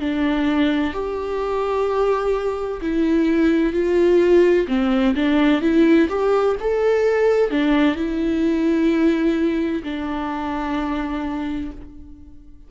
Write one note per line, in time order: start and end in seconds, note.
0.00 0.93 D4
0.93 2.81 G4
2.82 3.73 E4
3.73 4.67 F4
4.68 5.15 C4
5.15 5.62 D4
5.62 6.09 E4
6.09 6.56 G4
6.61 7.50 A4
7.50 7.95 D4
7.95 9.83 E4
9.84 11.71 D4